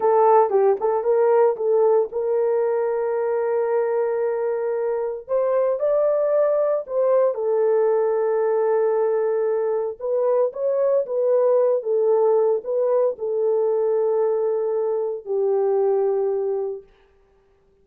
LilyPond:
\new Staff \with { instrumentName = "horn" } { \time 4/4 \tempo 4 = 114 a'4 g'8 a'8 ais'4 a'4 | ais'1~ | ais'2 c''4 d''4~ | d''4 c''4 a'2~ |
a'2. b'4 | cis''4 b'4. a'4. | b'4 a'2.~ | a'4 g'2. | }